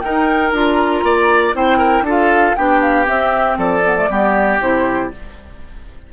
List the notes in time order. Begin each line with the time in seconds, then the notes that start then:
0.00 D#4 A#4 G5
0.52 D4 F4 A#5
1.03 A#3 D5
1.54 C4 E4 C5 G5
1.78 A#4
2.01 D4 F4 A4
2.10 F5
2.55 B3 D4 G4 G5
2.81 F5
3.05 C4 E5
3.58 F3 A4 D5
3.84 B3
3.97 A3
4.09 G3 B3 G4
4.59 C3 E4 C5